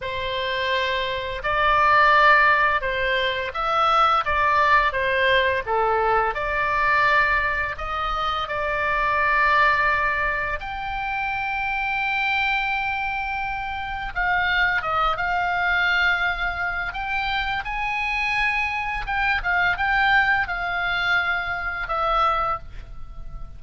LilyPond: \new Staff \with { instrumentName = "oboe" } { \time 4/4 \tempo 4 = 85 c''2 d''2 | c''4 e''4 d''4 c''4 | a'4 d''2 dis''4 | d''2. g''4~ |
g''1 | f''4 dis''8 f''2~ f''8 | g''4 gis''2 g''8 f''8 | g''4 f''2 e''4 | }